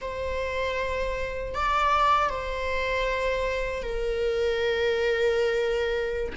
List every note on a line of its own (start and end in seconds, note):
0.01 1.54 C5
1.54 2.29 D5
2.29 3.83 C5
3.83 6.33 A#4